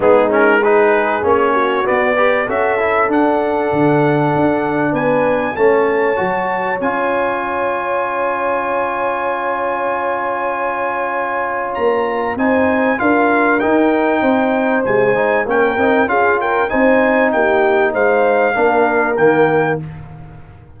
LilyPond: <<
  \new Staff \with { instrumentName = "trumpet" } { \time 4/4 \tempo 4 = 97 gis'8 ais'8 b'4 cis''4 d''4 | e''4 fis''2. | gis''4 a''2 gis''4~ | gis''1~ |
gis''2. ais''4 | gis''4 f''4 g''2 | gis''4 g''4 f''8 g''8 gis''4 | g''4 f''2 g''4 | }
  \new Staff \with { instrumentName = "horn" } { \time 4/4 dis'4 gis'4. fis'4 b'8 | a'1 | b'4 cis''2.~ | cis''1~ |
cis''1 | c''4 ais'2 c''4~ | c''4 ais'4 gis'8 ais'8 c''4 | g'4 c''4 ais'2 | }
  \new Staff \with { instrumentName = "trombone" } { \time 4/4 b8 cis'8 dis'4 cis'4 b8 g'8 | fis'8 e'8 d'2.~ | d'4 cis'4 fis'4 f'4~ | f'1~ |
f'1 | dis'4 f'4 dis'2 | c8 dis'8 cis'8 dis'8 f'4 dis'4~ | dis'2 d'4 ais4 | }
  \new Staff \with { instrumentName = "tuba" } { \time 4/4 gis2 ais4 b4 | cis'4 d'4 d4 d'4 | b4 a4 fis4 cis'4~ | cis'1~ |
cis'2. ais4 | c'4 d'4 dis'4 c'4 | gis4 ais8 c'8 cis'4 c'4 | ais4 gis4 ais4 dis4 | }
>>